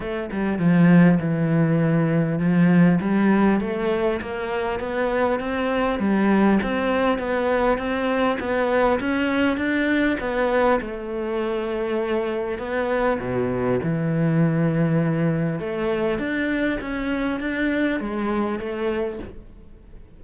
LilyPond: \new Staff \with { instrumentName = "cello" } { \time 4/4 \tempo 4 = 100 a8 g8 f4 e2 | f4 g4 a4 ais4 | b4 c'4 g4 c'4 | b4 c'4 b4 cis'4 |
d'4 b4 a2~ | a4 b4 b,4 e4~ | e2 a4 d'4 | cis'4 d'4 gis4 a4 | }